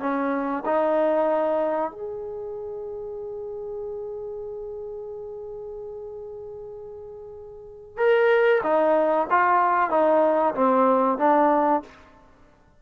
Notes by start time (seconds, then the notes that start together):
0.00 C#4
0.66 D#4
1.91 G#4
7.98 A#4
8.64 D#4
9.30 F4
9.91 D#4
10.55 C4
11.19 D4